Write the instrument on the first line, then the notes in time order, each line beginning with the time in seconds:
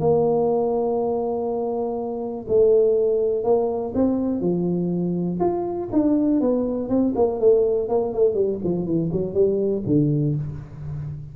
tuba
0.00 A#3
2.48 A3
3.44 A#3
3.95 C4
4.41 F3
5.40 F4
5.92 D4
6.41 B3
6.89 C4
7.16 A#3
7.40 A3
7.89 A#3
8.13 A3
8.34 G3
8.64 F3
8.86 E3
9.13 F#3
9.34 G3
9.86 D3